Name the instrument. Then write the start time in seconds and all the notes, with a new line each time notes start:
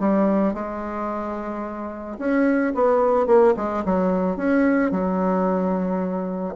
bassoon
0.00 G3
0.54 G#3
2.19 C#4
2.75 B3
3.27 A#3
3.57 G#3
3.85 F#3
4.37 C#4
4.92 F#3